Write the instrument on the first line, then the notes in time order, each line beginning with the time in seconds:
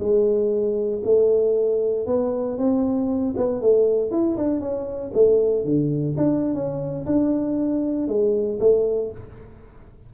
tuba
0.00 G#3
1.04 A3
2.07 B3
2.58 C4
3.37 B3
3.62 A3
4.11 E4
4.38 D4
4.61 C#4
5.14 A3
5.65 D3
6.17 D4
6.55 C#4
7.06 D4
8.08 G#3
8.60 A3